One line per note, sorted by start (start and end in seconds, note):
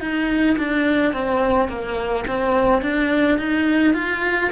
0.00 0.57 D#4
0.58 1.13 D4
1.13 1.69 C4
1.69 2.25 A#3
2.27 2.82 C4
2.82 3.39 D4
3.39 3.94 D#4
3.94 4.51 F4